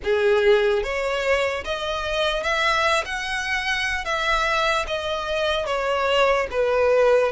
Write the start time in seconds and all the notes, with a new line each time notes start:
0.03 G#4
0.83 C#5
1.64 D#5
2.43 E5
3.05 F#5
4.04 E5
4.87 D#5
5.66 C#5
6.50 B4